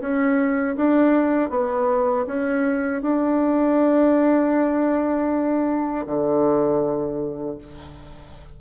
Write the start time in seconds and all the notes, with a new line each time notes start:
0.00 C#4
0.76 D4
1.50 B3
2.26 C#4
3.02 D4
6.06 D3